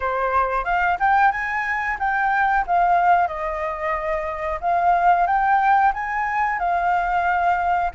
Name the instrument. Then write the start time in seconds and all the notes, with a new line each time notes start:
flute
0.00 C5
0.64 F5
0.99 G5
1.31 G#5
1.99 G5
2.66 F5
3.27 D#5
4.60 F5
5.26 G5
5.93 G#5
6.59 F5